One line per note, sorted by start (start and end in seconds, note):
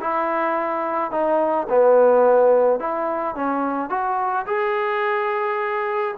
0.00 1.11 E4
1.11 1.67 D#4
1.69 2.79 B3
2.79 3.35 E4
3.35 3.89 C#4
3.89 4.45 F#4
4.46 6.14 G#4